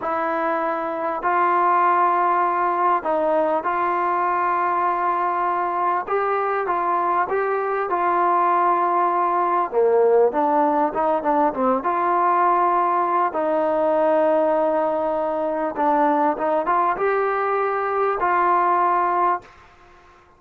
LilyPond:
\new Staff \with { instrumentName = "trombone" } { \time 4/4 \tempo 4 = 99 e'2 f'2~ | f'4 dis'4 f'2~ | f'2 g'4 f'4 | g'4 f'2. |
ais4 d'4 dis'8 d'8 c'8 f'8~ | f'2 dis'2~ | dis'2 d'4 dis'8 f'8 | g'2 f'2 | }